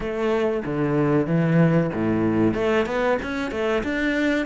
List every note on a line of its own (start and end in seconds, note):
0.00 0.63 A3
0.65 1.26 D3
1.26 1.90 E3
1.93 2.54 A2
2.54 2.86 A3
2.86 3.18 B3
3.22 3.51 C#4
3.51 3.83 A3
3.83 4.46 D4